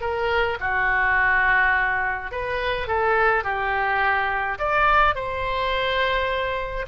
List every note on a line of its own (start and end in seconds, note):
0.00 0.57 A#4
0.60 2.31 F#4
2.31 2.87 B4
2.87 3.43 A4
3.43 4.58 G4
4.58 5.15 D5
5.15 6.86 C5